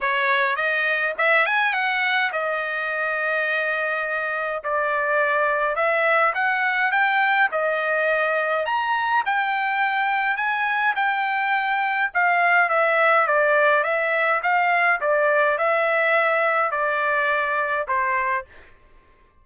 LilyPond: \new Staff \with { instrumentName = "trumpet" } { \time 4/4 \tempo 4 = 104 cis''4 dis''4 e''8 gis''8 fis''4 | dis''1 | d''2 e''4 fis''4 | g''4 dis''2 ais''4 |
g''2 gis''4 g''4~ | g''4 f''4 e''4 d''4 | e''4 f''4 d''4 e''4~ | e''4 d''2 c''4 | }